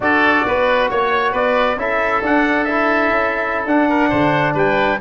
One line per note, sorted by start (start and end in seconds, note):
0.00 0.45 D4
0.00 1.77 F#4
0.00 0.46 A4
0.00 0.89 D5
0.46 0.90 B3
0.46 0.90 B4
0.90 1.33 A#3
0.90 1.32 C#5
0.90 1.35 C#5
1.32 1.76 B3
1.32 1.76 B4
1.32 1.78 D5
1.76 2.21 C#4
1.76 2.22 E4
1.76 3.89 A4
1.76 2.23 E5
2.21 3.10 D4
2.21 2.67 D4
2.21 2.64 F#5
2.64 3.67 E4
2.64 3.64 E5
3.10 3.65 C#4
3.65 4.10 D4
3.65 5.00 D4
3.65 4.56 F#5
3.89 4.09 A#4
4.09 4.54 D3
4.09 4.53 C5
4.54 4.99 G3
4.54 4.98 B4
4.54 5.00 G5